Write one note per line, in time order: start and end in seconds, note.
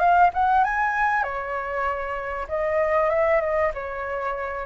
0.00 0.31 F5
0.34 0.64 F#5
0.64 1.23 G#5
1.23 2.47 C#5
2.49 3.10 D#5
3.10 3.41 E5
3.41 3.72 D#5
3.75 4.66 C#5